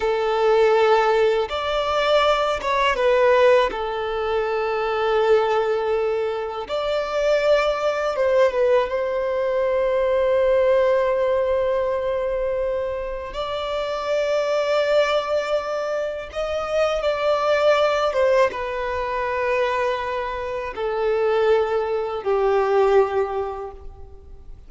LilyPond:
\new Staff \with { instrumentName = "violin" } { \time 4/4 \tempo 4 = 81 a'2 d''4. cis''8 | b'4 a'2.~ | a'4 d''2 c''8 b'8 | c''1~ |
c''2 d''2~ | d''2 dis''4 d''4~ | d''8 c''8 b'2. | a'2 g'2 | }